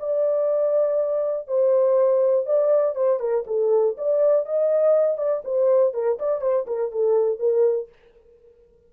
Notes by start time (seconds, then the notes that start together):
0.00 D5
1.48 C5
2.46 D5
2.96 C5
3.20 A#4
3.47 A4
3.98 D5
4.46 D#5
5.18 D5
5.45 C5
5.94 A#4
6.20 D5
6.41 C5
6.67 A#4
6.92 A4
7.40 A#4